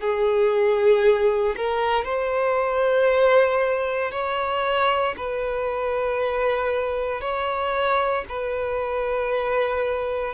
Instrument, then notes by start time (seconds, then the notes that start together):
violin
0.00 G#4
1.57 A#4
2.04 C5
4.11 C#5
5.17 B4
7.21 C#5
8.29 B4